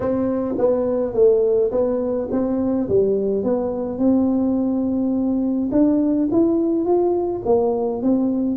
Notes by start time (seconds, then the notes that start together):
0.00 C4
0.58 B3
1.13 A3
1.71 B3
2.31 C4
2.89 G3
3.43 B3
3.98 C4
5.71 D4
6.31 E4
6.85 F4
7.45 A#3
8.02 C4